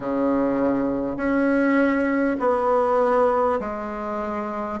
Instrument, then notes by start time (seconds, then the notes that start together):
bassoon
0.00 C#3
1.17 C#4
2.39 B3
3.60 G#3